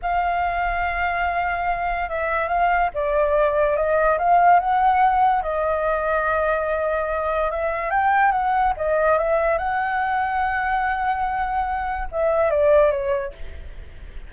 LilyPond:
\new Staff \with { instrumentName = "flute" } { \time 4/4 \tempo 4 = 144 f''1~ | f''4 e''4 f''4 d''4~ | d''4 dis''4 f''4 fis''4~ | fis''4 dis''2.~ |
dis''2 e''4 g''4 | fis''4 dis''4 e''4 fis''4~ | fis''1~ | fis''4 e''4 d''4 cis''4 | }